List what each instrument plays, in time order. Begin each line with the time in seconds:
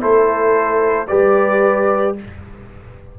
0.00 tuba A3, trombone E4, horn A4, trumpet C5
1.08 tuba G3, trombone G4, horn B4, trumpet D5